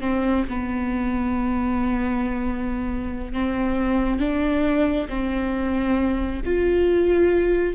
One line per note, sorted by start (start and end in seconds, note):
0.00 0.44 C4
0.48 3.32 B3
3.32 4.19 C4
4.19 5.07 D4
5.09 6.41 C4
6.45 7.74 F4